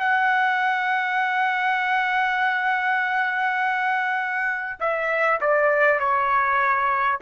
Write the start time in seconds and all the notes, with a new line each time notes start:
0.00 F#5
4.81 E5
5.41 D5
5.99 C#5